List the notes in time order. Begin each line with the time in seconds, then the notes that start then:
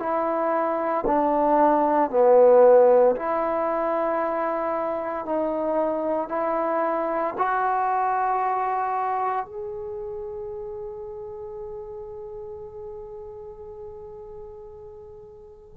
0.00 E4
1.07 D4
2.11 B3
3.16 E4
5.26 D#4
6.29 E4
7.38 F#4
9.45 G#4